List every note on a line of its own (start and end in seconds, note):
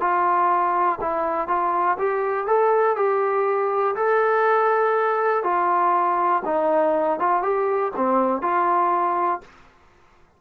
0.00 0.99 F4
1.01 1.48 E4
1.48 1.97 F4
1.98 2.47 G4
2.47 2.96 A4
2.96 3.96 G4
3.96 5.43 A4
5.43 6.42 F4
6.45 7.19 D#4
7.19 7.42 F4
7.42 7.92 G4
7.96 8.42 C4
8.42 9.41 F4